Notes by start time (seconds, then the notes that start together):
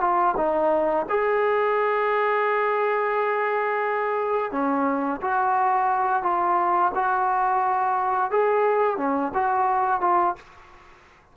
0.00 F4
0.37 D#4
1.09 G#4
4.51 C#4
5.21 F#4
6.23 F4
6.95 F#4
8.30 G#4
8.97 C#4
9.34 F#4
10.01 F4